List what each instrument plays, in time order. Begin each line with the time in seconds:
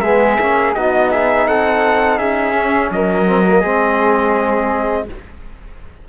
0.00 cello G#3, trombone B3, flute G#4, trumpet E5
0.40 cello A#3, trombone C#4
0.74 cello B3, trombone D#4, flute F#4, trumpet D#5
1.11 flute G#4, trumpet E5
1.47 cello C4, flute A4, trumpet F#5
2.18 cello C#4, flute G#4, trumpet E5
2.55 trombone C#4
2.91 cello F#3, flute A#4, trumpet D#5
3.26 trombone C4
3.48 trombone A#3
3.60 cello G#3, trombone C4, flute G#4